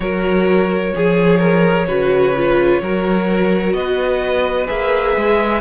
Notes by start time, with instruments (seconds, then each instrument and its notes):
0.00 cello F#3, viola F#4, violin A#4 C#5
0.94 cello F3, viola G#4, violin G#4
1.38 violin A#4
1.87 cello C#3, viola F#4, violin B4
2.36 viola F4
2.81 cello F#3, viola F#4, violin A#4
3.73 cello B3, violin B4 D#5
4.66 cello A#3, viola G#4, violin E5
5.16 cello G#3